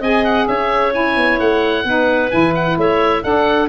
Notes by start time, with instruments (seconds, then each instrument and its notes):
0.00 tuba C4, saxophone G#4, clarinet D#5, oboe G#5
0.25 oboe F#5
0.48 tuba C#4, clarinet C#5, oboe E5
0.92 saxophone E4, oboe G#5
1.17 tuba B3
1.40 tuba A3, oboe F#5
1.85 tuba B3, saxophone D#4, clarinet B4
2.31 tuba E3, saxophone E4, oboe G#5
2.55 oboe F#5
2.78 tuba A3, clarinet C#5, oboe E5
3.23 saxophone D4, tuba D4, clarinet A4, oboe F#5